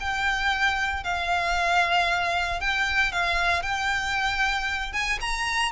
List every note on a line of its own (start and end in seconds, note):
0.00 1.04 G5
1.04 2.60 F5
2.60 3.12 G5
3.12 3.62 F5
3.62 4.92 G5
4.92 5.18 G#5
5.21 5.72 A#5